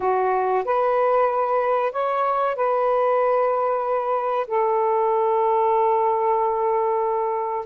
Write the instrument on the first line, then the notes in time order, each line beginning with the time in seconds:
saxophone
0.00 F#4
0.64 B4
1.91 C#5
2.55 B4
4.47 A4